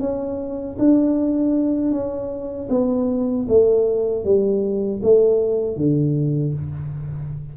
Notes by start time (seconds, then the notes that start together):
0.00 C#4
0.79 D4
1.91 C#4
2.69 B3
3.48 A3
4.24 G3
5.03 A3
5.77 D3